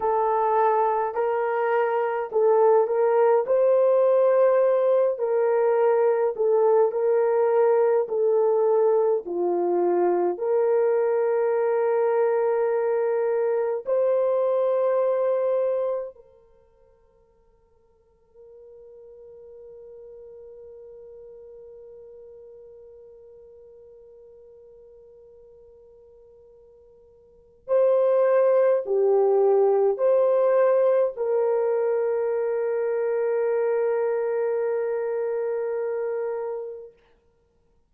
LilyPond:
\new Staff \with { instrumentName = "horn" } { \time 4/4 \tempo 4 = 52 a'4 ais'4 a'8 ais'8 c''4~ | c''8 ais'4 a'8 ais'4 a'4 | f'4 ais'2. | c''2 ais'2~ |
ais'1~ | ais'1 | c''4 g'4 c''4 ais'4~ | ais'1 | }